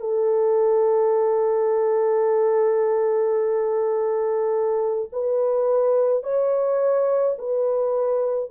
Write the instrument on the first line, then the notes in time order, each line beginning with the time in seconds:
horn
0.00 A4
5.12 B4
6.23 C#5
7.38 B4